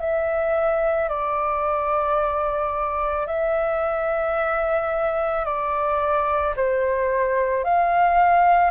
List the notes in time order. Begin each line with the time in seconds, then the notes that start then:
0.00 E5
1.09 D5
3.27 E5
5.45 D5
6.57 C5
7.64 F5